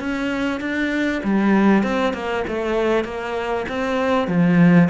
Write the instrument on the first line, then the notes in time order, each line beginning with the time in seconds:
cello
0.00 C#4
0.61 D4
1.24 G3
1.84 C4
2.14 A#3
2.48 A3
3.05 A#3
3.69 C4
4.28 F3